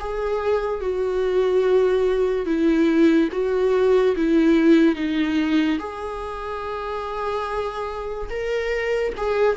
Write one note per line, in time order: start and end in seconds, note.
0.00 0.81 G#4
0.81 2.46 F#4
2.46 3.30 E4
3.32 4.16 F#4
4.16 4.95 E4
4.95 5.79 D#4
5.80 8.30 G#4
8.30 9.13 A#4
9.17 9.57 G#4